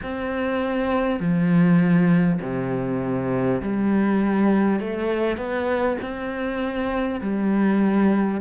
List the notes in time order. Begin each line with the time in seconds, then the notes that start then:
0.03 C4
1.19 F3
2.41 C3
3.62 G3
4.80 A3
5.37 B3
6.02 C4
7.20 G3